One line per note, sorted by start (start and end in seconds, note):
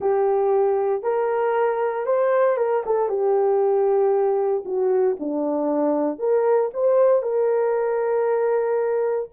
0.00 1.03 G4
1.03 2.05 A#4
2.05 2.57 C5
2.57 2.83 A#4
2.85 3.08 A4
3.08 4.64 G4
4.65 5.17 F#4
5.19 6.18 D4
6.18 6.70 A#4
6.73 7.22 C5
7.22 9.29 A#4